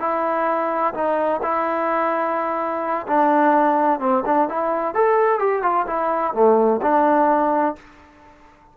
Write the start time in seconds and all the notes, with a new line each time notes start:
0.00 E4
0.94 D#4
1.42 E4
3.07 D4
4.00 C4
4.25 D4
4.49 E4
4.94 A4
5.39 G4
5.62 F4
5.87 E4
6.34 A3
6.82 D4